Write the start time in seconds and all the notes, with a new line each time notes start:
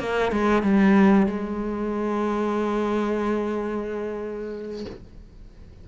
0.00 A#3
0.32 G#3
0.63 G3
1.27 G#3